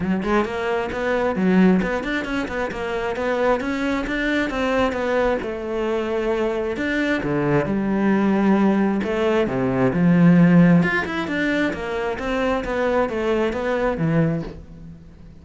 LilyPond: \new Staff \with { instrumentName = "cello" } { \time 4/4 \tempo 4 = 133 fis8 gis8 ais4 b4 fis4 | b8 d'8 cis'8 b8 ais4 b4 | cis'4 d'4 c'4 b4 | a2. d'4 |
d4 g2. | a4 c4 f2 | f'8 e'8 d'4 ais4 c'4 | b4 a4 b4 e4 | }